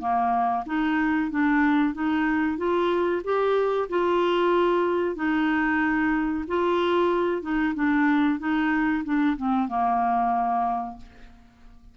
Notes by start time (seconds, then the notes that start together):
0.00 A#3
0.67 D#4
1.31 D4
1.94 D#4
2.58 F4
3.25 G4
3.89 F4
5.16 D#4
6.48 F4
7.42 D#4
7.75 D4
8.40 D#4
9.05 D4
9.37 C4
9.69 A#3